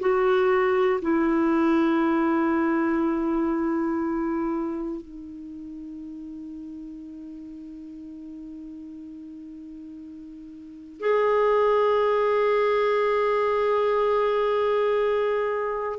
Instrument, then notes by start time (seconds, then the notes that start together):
clarinet
0.00 F#4
1.02 E4
5.01 D#4
11.00 G#4